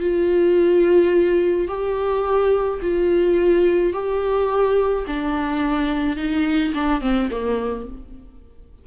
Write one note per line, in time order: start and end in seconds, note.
0.00 1.68 F4
1.68 2.80 G4
2.82 3.93 F4
3.93 5.05 G4
5.07 6.17 D4
6.17 6.73 D#4
6.74 7.01 D4
7.01 7.29 C4
7.30 7.87 A#3